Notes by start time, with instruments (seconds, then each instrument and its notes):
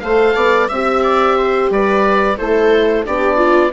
0.00 bassoon A3, horn A4, viola C5, oboe F5
0.35 bassoon B3, viola D5
0.69 bassoon C4, horn G4, viola E5, oboe E5
1.03 viola D5
1.37 viola C5
1.70 bassoon G3, viola B4, oboe D5
2.37 bassoon A3, horn E4, viola A4, oboe C5
3.04 bassoon B3, horn D4, viola G4, oboe D5
3.37 viola F4